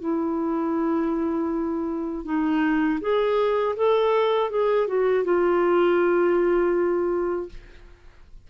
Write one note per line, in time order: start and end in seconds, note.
0.00 2.25 E4
2.25 3.00 D#4
3.01 3.76 G#4
3.76 4.50 A4
4.50 4.88 G#4
4.88 5.24 F#4
5.24 7.49 F4